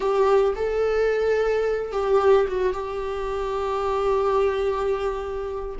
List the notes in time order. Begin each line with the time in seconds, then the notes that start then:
0.00 G4
0.55 A4
1.92 G4
2.47 F#4
2.73 G4